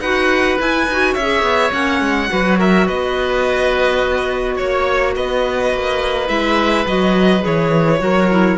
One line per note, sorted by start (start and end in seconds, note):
0.00 0.57 D#4
0.00 0.59 F#4
0.00 1.15 B4
0.00 0.58 F#5
0.59 0.87 E4
0.59 1.14 G#5
0.87 1.16 D#4
0.87 1.20 F#4
1.14 1.43 C#4
1.14 2.29 C#5
1.14 1.72 E5
1.21 1.71 G#4
1.43 1.71 B3
1.71 2.01 A#3
1.71 2.28 C#4
1.71 2.59 F#5
2.01 2.29 G#3
2.29 2.89 F#3
2.29 6.28 F#4
2.29 2.59 B4
2.59 2.86 A#4
2.59 2.88 E5
2.86 4.60 B3
2.86 4.56 B4
2.86 4.57 D#5
4.56 5.16 A#3
4.56 5.13 C#5
4.56 5.14 C#5
5.15 5.73 B3
5.15 8.01 B4
5.15 6.28 D#5
5.74 6.29 A#3
6.28 6.86 G#3
6.28 6.85 E4
6.28 6.85 E5
6.87 7.44 F#3
6.87 7.41 F#4
6.87 7.45 D#5
7.41 8.01 E3
7.41 7.98 G#4
7.41 8.58 C#5
7.99 8.58 F#3
7.99 8.27 F#4
7.99 8.58 A#4
8.31 8.58 E4